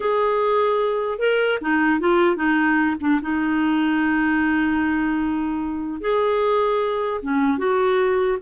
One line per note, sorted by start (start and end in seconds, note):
0.00 1.18 G#4
1.18 1.58 A#4
1.61 2.00 D#4
2.00 2.36 F4
2.36 2.96 D#4
3.00 3.20 D4
3.21 6.01 D#4
6.01 7.21 G#4
7.22 7.58 C#4
7.58 8.38 F#4